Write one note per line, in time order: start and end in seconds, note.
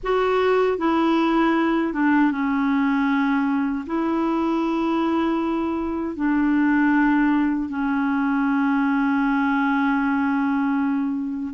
0.03 0.77 F#4
0.77 1.93 E4
1.93 2.31 D4
2.31 3.85 C#4
3.86 6.15 E4
6.15 7.69 D4
7.69 11.53 C#4